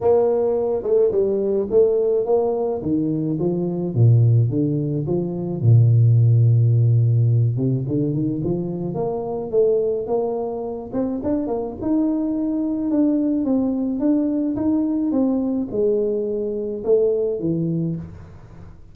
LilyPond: \new Staff \with { instrumentName = "tuba" } { \time 4/4 \tempo 4 = 107 ais4. a8 g4 a4 | ais4 dis4 f4 ais,4 | d4 f4 ais,2~ | ais,4. c8 d8 dis8 f4 |
ais4 a4 ais4. c'8 | d'8 ais8 dis'2 d'4 | c'4 d'4 dis'4 c'4 | gis2 a4 e4 | }